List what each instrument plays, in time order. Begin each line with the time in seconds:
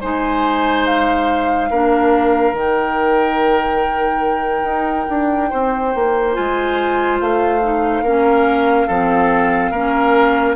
0.00 bassoon G#3, clarinet D#4, oboe C5, flute G#5
0.85 flute F5
1.70 bassoon A#3, clarinet D4, oboe A#4
2.52 bassoon D#3, clarinet D#4, flute G5
4.63 bassoon D#4
5.09 bassoon D4
5.49 bassoon C4, oboe C5
5.94 bassoon A#3
6.33 bassoon G#3, clarinet F4, flute G#5
7.20 bassoon A3, flute F5
7.62 clarinet D#4
8.02 bassoon A#3, clarinet C#4, oboe A#4
8.87 bassoon F3, clarinet C4, oboe A4
9.70 bassoon A#3, clarinet C#4, oboe A#4